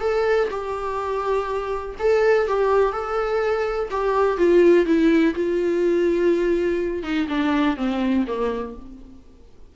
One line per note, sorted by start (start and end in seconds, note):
0.00 0.48 A4
0.50 1.95 G4
1.99 2.47 A4
2.47 2.92 G4
2.92 3.89 A4
3.91 4.37 G4
4.37 4.85 F4
4.85 5.34 E4
5.34 7.03 F4
7.03 7.27 D#4
7.28 7.76 D4
7.76 8.25 C4
8.27 8.75 A#3